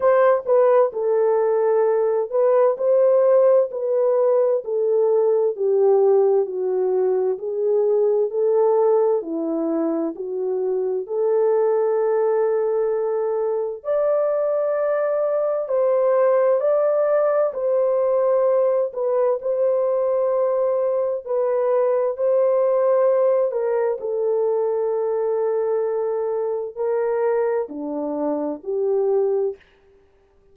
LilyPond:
\new Staff \with { instrumentName = "horn" } { \time 4/4 \tempo 4 = 65 c''8 b'8 a'4. b'8 c''4 | b'4 a'4 g'4 fis'4 | gis'4 a'4 e'4 fis'4 | a'2. d''4~ |
d''4 c''4 d''4 c''4~ | c''8 b'8 c''2 b'4 | c''4. ais'8 a'2~ | a'4 ais'4 d'4 g'4 | }